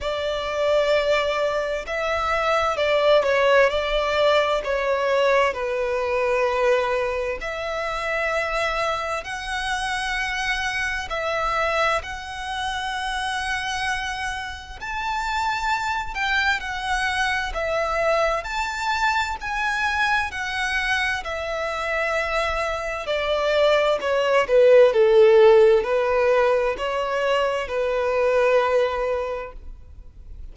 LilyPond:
\new Staff \with { instrumentName = "violin" } { \time 4/4 \tempo 4 = 65 d''2 e''4 d''8 cis''8 | d''4 cis''4 b'2 | e''2 fis''2 | e''4 fis''2. |
a''4. g''8 fis''4 e''4 | a''4 gis''4 fis''4 e''4~ | e''4 d''4 cis''8 b'8 a'4 | b'4 cis''4 b'2 | }